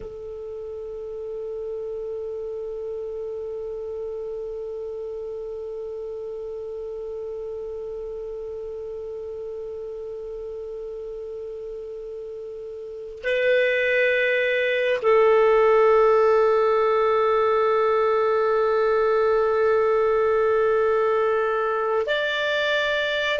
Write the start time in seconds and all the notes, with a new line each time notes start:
0.00 A4
13.23 B4
15.02 A4
22.06 D5